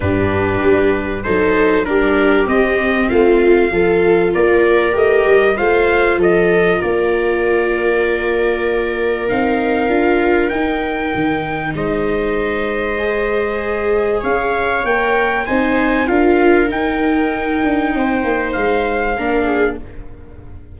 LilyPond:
<<
  \new Staff \with { instrumentName = "trumpet" } { \time 4/4 \tempo 4 = 97 b'2 c''4 ais'4 | dis''4 f''2 d''4 | dis''4 f''4 dis''4 d''4~ | d''2. f''4~ |
f''4 g''2 dis''4~ | dis''2. f''4 | g''4 gis''4 f''4 g''4~ | g''2 f''2 | }
  \new Staff \with { instrumentName = "viola" } { \time 4/4 g'2 a'4 g'4~ | g'4 f'4 a'4 ais'4~ | ais'4 c''4 a'4 ais'4~ | ais'1~ |
ais'2. c''4~ | c''2. cis''4~ | cis''4 c''4 ais'2~ | ais'4 c''2 ais'8 gis'8 | }
  \new Staff \with { instrumentName = "viola" } { \time 4/4 d'2 dis'4 d'4 | c'2 f'2 | g'4 f'2.~ | f'2. dis'4 |
f'4 dis'2.~ | dis'4 gis'2. | ais'4 dis'4 f'4 dis'4~ | dis'2. d'4 | }
  \new Staff \with { instrumentName = "tuba" } { \time 4/4 g,4 g4 fis4 g4 | c'4 a4 f4 ais4 | a8 g8 a4 f4 ais4~ | ais2. c'4 |
d'4 dis'4 dis4 gis4~ | gis2. cis'4 | ais4 c'4 d'4 dis'4~ | dis'8 d'8 c'8 ais8 gis4 ais4 | }
>>